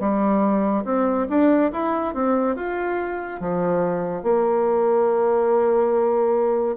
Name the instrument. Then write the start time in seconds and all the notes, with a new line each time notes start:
bassoon
0.00 G3
0.85 C4
1.30 D4
1.73 E4
2.15 C4
2.56 F4
3.40 F3
4.24 A#3